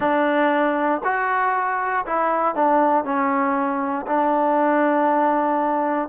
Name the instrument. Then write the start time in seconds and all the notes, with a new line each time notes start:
trombone
0.00 D4
1.04 F#4
2.05 E4
2.55 D4
3.04 C#4
4.07 D4